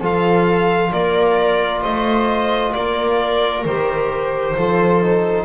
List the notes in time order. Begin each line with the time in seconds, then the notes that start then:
0.00 F3 F4 A4 F5
0.92 A#3 A#4 D5
1.81 A3 C5 D#5
2.73 A#3 A#4 D5
3.65 D#3 G4 C5
4.56 F3 F4 A4
5.02 D#4